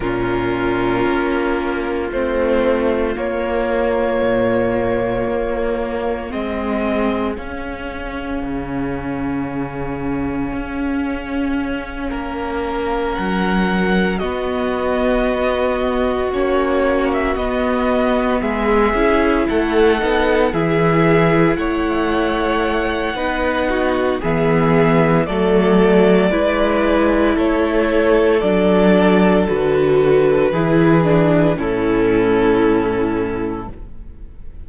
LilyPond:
<<
  \new Staff \with { instrumentName = "violin" } { \time 4/4 \tempo 4 = 57 ais'2 c''4 cis''4~ | cis''2 dis''4 f''4~ | f''1~ | f''8 fis''4 dis''2 cis''8~ |
cis''16 e''16 dis''4 e''4 fis''4 e''8~ | e''8 fis''2~ fis''8 e''4 | d''2 cis''4 d''4 | b'2 a'2 | }
  \new Staff \with { instrumentName = "violin" } { \time 4/4 f'1~ | f'2 gis'2~ | gis'2.~ gis'8 ais'8~ | ais'4. fis'2~ fis'8~ |
fis'4. gis'4 a'4 gis'8~ | gis'8 cis''4. b'8 fis'8 gis'4 | a'4 b'4 a'2~ | a'4 gis'4 e'2 | }
  \new Staff \with { instrumentName = "viola" } { \time 4/4 cis'2 c'4 ais4~ | ais2 c'4 cis'4~ | cis'1~ | cis'4. b2 cis'8~ |
cis'8 b4. e'4 dis'8 e'8~ | e'2 dis'4 b4 | a4 e'2 d'4 | fis'4 e'8 d'8 cis'2 | }
  \new Staff \with { instrumentName = "cello" } { \time 4/4 ais,4 ais4 a4 ais4 | ais,4 ais4 gis4 cis'4 | cis2 cis'4. ais8~ | ais8 fis4 b2 ais8~ |
ais8 b4 gis8 cis'8 a8 b8 e8~ | e8 a4. b4 e4 | fis4 gis4 a4 fis4 | d4 e4 a,2 | }
>>